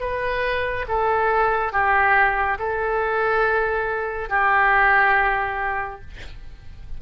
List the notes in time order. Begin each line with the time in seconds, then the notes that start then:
0.00 B4
0.88 A4
1.72 G4
2.59 A4
4.29 G4